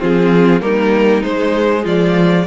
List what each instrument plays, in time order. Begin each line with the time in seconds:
0.00 cello F3, viola C4, violin F4 G#4
0.61 cello G3, viola A#3, violin D#4 A#4
1.22 viola G#3, cello G#3, violin C5
1.83 cello F3, violin F4 D5